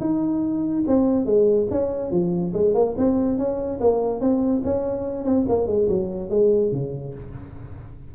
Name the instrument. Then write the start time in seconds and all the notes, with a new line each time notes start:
tuba
0.00 D#4
0.87 C4
1.25 G#3
1.70 C#4
2.11 F3
2.53 G#3
2.74 A#3
2.97 C4
3.38 C#4
3.80 A#3
4.20 C4
4.64 C#4
5.24 C4
5.48 A#3
5.67 G#3
5.88 F#3
6.30 G#3
6.72 C#3